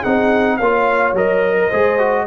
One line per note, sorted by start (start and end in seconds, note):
0.00 0.60 C4
0.00 0.60 D#4
0.00 0.56 G#4
0.00 0.57 F#5
0.57 1.13 A#3
0.57 1.16 F4
0.57 1.57 C#5
0.57 1.13 F5
1.13 1.69 F#3
1.13 1.72 A#4
1.13 2.27 D#5
1.58 1.68 A#4
1.68 2.27 G#3
1.68 1.99 G#4
1.68 2.24 C5
1.99 2.27 F#4